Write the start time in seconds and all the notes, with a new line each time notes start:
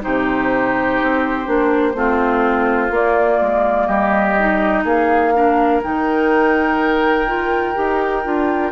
0.00 C3 D#4 G4 C5
1.02 C4
1.45 A#3 D4
1.94 A3 C4 F4
2.90 A#3 D5
3.41 G#3
3.86 G3 G4 D#5
4.38 D#4
4.84 A#3 G#4 F5
5.34 D4 A#4
5.82 D#3 D#4 G5
7.26 F4
7.74 D#4 G4
8.24 D4 F4